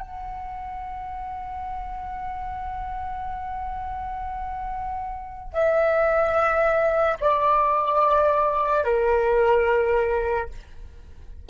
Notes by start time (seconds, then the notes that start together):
0.00 F#5
5.53 E5
7.21 D5
8.84 A#4